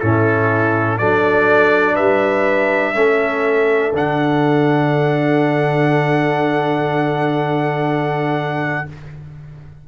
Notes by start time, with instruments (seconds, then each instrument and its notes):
0.00 tuba A2, trombone C#4, horn E4, trumpet A4
0.98 tuba F#3, trombone D4, horn A4, trumpet D5
1.95 tuba G3, horn B4, trumpet E5
2.94 tuba A3, trombone C#4, horn A4
3.93 tuba D3, trombone D4, trumpet F#5